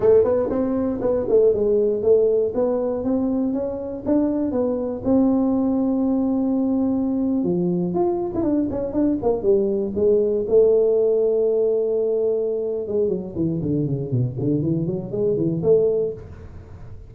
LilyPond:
\new Staff \with { instrumentName = "tuba" } { \time 4/4 \tempo 4 = 119 a8 b8 c'4 b8 a8 gis4 | a4 b4 c'4 cis'4 | d'4 b4 c'2~ | c'2~ c'8. f4 f'16~ |
f'8 e'16 d'8 cis'8 d'8 ais8 g4 gis16~ | gis8. a2.~ a16~ | a4. gis8 fis8 e8 d8 cis8 | b,8 d8 e8 fis8 gis8 e8 a4 | }